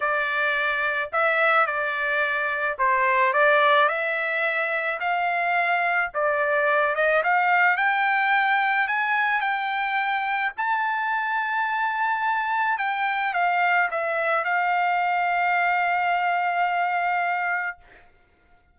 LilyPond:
\new Staff \with { instrumentName = "trumpet" } { \time 4/4 \tempo 4 = 108 d''2 e''4 d''4~ | d''4 c''4 d''4 e''4~ | e''4 f''2 d''4~ | d''8 dis''8 f''4 g''2 |
gis''4 g''2 a''4~ | a''2. g''4 | f''4 e''4 f''2~ | f''1 | }